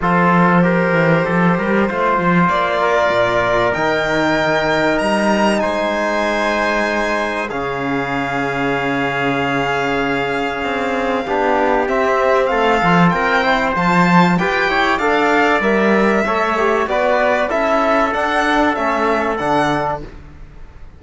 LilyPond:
<<
  \new Staff \with { instrumentName = "violin" } { \time 4/4 \tempo 4 = 96 c''1 | d''2 g''2 | ais''4 gis''2. | f''1~ |
f''2. e''4 | f''4 g''4 a''4 g''4 | f''4 e''2 d''4 | e''4 fis''4 e''4 fis''4 | }
  \new Staff \with { instrumentName = "trumpet" } { \time 4/4 a'4 ais'4 a'8 ais'8 c''4~ | c''8 ais'2.~ ais'8~ | ais'4 c''2. | gis'1~ |
gis'2 g'2 | a'4 ais'8 c''4. b'8 cis''8 | d''2 cis''4 b'4 | a'1 | }
  \new Staff \with { instrumentName = "trombone" } { \time 4/4 f'4 g'2 f'4~ | f'2 dis'2~ | dis'1 | cis'1~ |
cis'2 d'4 c'4~ | c'8 f'4 e'8 f'4 g'4 | a'4 ais'4 a'8 g'8 fis'4 | e'4 d'4 cis'4 d'4 | }
  \new Staff \with { instrumentName = "cello" } { \time 4/4 f4. e8 f8 g8 a8 f8 | ais4 ais,4 dis2 | g4 gis2. | cis1~ |
cis4 c'4 b4 c'4 | a8 f8 c'4 f4 f'8 e'8 | d'4 g4 a4 b4 | cis'4 d'4 a4 d4 | }
>>